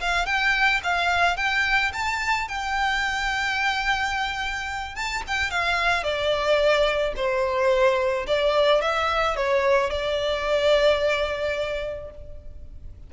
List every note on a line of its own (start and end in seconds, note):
0.00 0.26 F5
0.26 0.81 G5
0.83 1.37 F5
1.37 1.92 G5
1.93 2.48 A5
2.48 4.95 G5
4.95 5.23 A5
5.27 5.50 G5
5.50 6.03 F5
6.03 7.13 D5
7.16 8.26 C5
8.27 8.81 D5
8.81 9.36 E5
9.36 9.90 C#5
9.90 12.11 D5